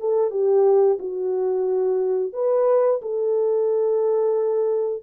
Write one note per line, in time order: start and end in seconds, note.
0.00 0.31 A4
0.31 0.98 G4
0.99 2.33 F#4
2.33 3.01 B4
3.02 5.03 A4